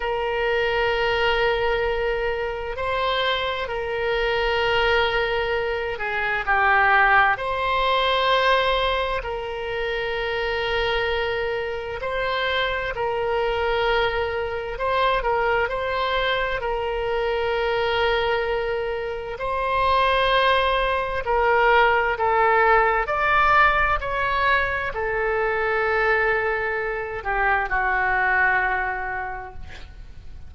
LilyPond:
\new Staff \with { instrumentName = "oboe" } { \time 4/4 \tempo 4 = 65 ais'2. c''4 | ais'2~ ais'8 gis'8 g'4 | c''2 ais'2~ | ais'4 c''4 ais'2 |
c''8 ais'8 c''4 ais'2~ | ais'4 c''2 ais'4 | a'4 d''4 cis''4 a'4~ | a'4. g'8 fis'2 | }